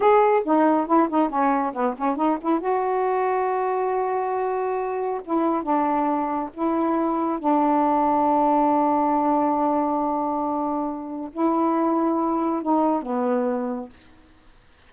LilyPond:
\new Staff \with { instrumentName = "saxophone" } { \time 4/4 \tempo 4 = 138 gis'4 dis'4 e'8 dis'8 cis'4 | b8 cis'8 dis'8 e'8 fis'2~ | fis'1 | e'4 d'2 e'4~ |
e'4 d'2.~ | d'1~ | d'2 e'2~ | e'4 dis'4 b2 | }